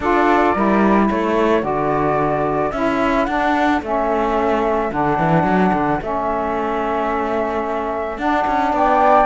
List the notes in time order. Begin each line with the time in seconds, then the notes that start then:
0.00 D4 F4 A4 D5
0.54 G3 E4 A#4
1.06 A3 A4 C#5
1.61 D3 F#4 D5
2.71 C#4 E4 E5
3.25 D4 F#5
3.82 A3 C#4 E5
4.90 D3 D4 F#5
5.18 E3
5.43 F#3
5.73 D3
6.01 A3 C#4 E5
8.17 D4 F#5
8.47 C#4
8.72 B3 D5 G5